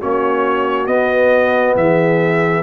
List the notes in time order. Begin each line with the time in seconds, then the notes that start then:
0.00 A#3 C#4 F#4 C#5
0.87 B3 D#5
1.76 E3 G#4 E5